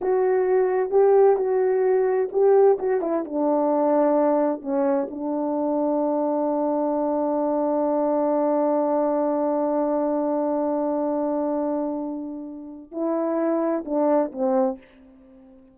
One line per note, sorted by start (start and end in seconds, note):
0.01 0.90 F#4
0.90 1.36 G4
1.36 2.28 F#4
2.32 2.78 G4
2.78 3.01 F#4
3.01 3.24 E4
3.24 4.61 D4
4.61 5.07 C#4
5.10 12.91 D4
12.91 13.83 E4
13.85 14.31 D4
14.32 14.78 C4